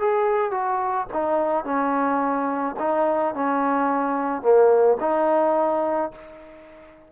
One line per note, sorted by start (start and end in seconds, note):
0.00 0.52 G#4
0.52 1.07 F#4
1.14 1.65 D#4
1.65 2.76 C#4
2.80 3.35 D#4
3.35 4.42 C#4
4.42 4.98 A#3
5.01 6.12 D#4